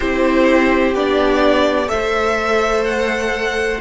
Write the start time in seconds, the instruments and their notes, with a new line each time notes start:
0.00 cello C4, viola E4, violin G4 C5
0.94 cello B3, viola D4, violin D5
1.86 cello A3, viola A4, violin C5 E5
2.84 violin F#5